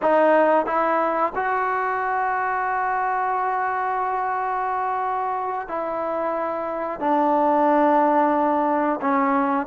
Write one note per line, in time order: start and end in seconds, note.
0.02 0.66 D#4
0.66 1.32 E4
1.35 5.68 F#4
5.68 7.00 E4
7.00 9.00 D4
9.01 9.66 C#4